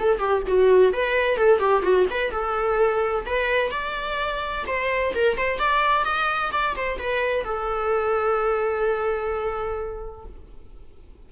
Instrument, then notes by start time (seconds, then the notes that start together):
viola
0.00 A4
0.19 G4
0.48 F#4
0.94 B4
1.38 A4
1.60 G4
1.83 F#4
2.11 B4
2.32 A4
3.26 B4
3.72 D5
4.67 C5
5.15 A#4
5.38 C5
5.59 D5
6.05 D#5
6.53 D5
6.77 C5
6.99 B4
7.45 A4